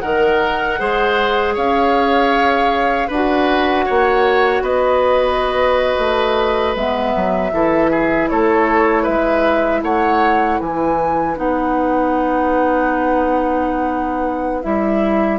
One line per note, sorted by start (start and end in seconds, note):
0.00 0.80 D#3
0.00 0.79 A#4
0.00 1.54 F#5
0.79 1.57 G#3
0.79 3.10 G#4
0.79 1.54 C5
1.54 3.09 C#4
1.54 3.08 C#5
1.54 3.11 F5
3.08 3.86 D4
3.08 3.85 B4
3.08 4.64 F#5
3.14 6.77 F#4
3.86 4.62 A#3
3.86 4.63 C#5
4.62 5.96 B3
4.62 7.52 B4
4.62 6.75 D#5
5.99 6.75 A3
6.75 7.14 G#3
6.75 7.52 B3
6.75 8.29 E5
7.15 7.53 F#3
7.52 8.29 E3
7.52 11.36 E4
7.52 7.91 A4
7.91 8.29 G#4
8.29 9.08 A3
8.29 9.03 A4
8.29 9.05 C#5
9.03 9.82 G#3
9.03 9.80 B4
9.03 9.82 E5
9.82 10.59 A3
9.82 10.60 C#5
9.82 10.60 F#5
10.60 11.37 E3
10.60 15.39 B4
10.60 11.37 G#5
11.36 14.64 B3
11.36 14.62 D#4
11.36 14.63 F#5
14.62 15.39 G3
14.62 15.39 E4
14.62 15.39 E5